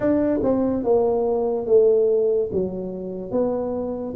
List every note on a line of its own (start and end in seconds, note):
0.00 0.39 D4
0.43 0.83 C4
0.83 1.66 A#3
1.66 2.50 A3
2.52 3.31 F#3
3.31 4.14 B3